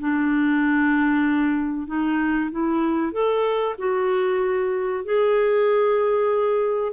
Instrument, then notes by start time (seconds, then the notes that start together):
clarinet
0.00 D4
1.87 D#4
2.51 E4
3.12 A4
3.78 F#4
5.05 G#4